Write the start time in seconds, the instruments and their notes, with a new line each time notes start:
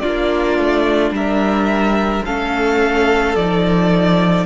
0.00 viola D4, violin F4 D5
0.06 cello A#3
0.59 cello A3
1.11 cello G3, violin A#4 E5
2.25 cello A3, viola C#4, violin A4 F5
3.36 cello F3, viola D#4, violin D5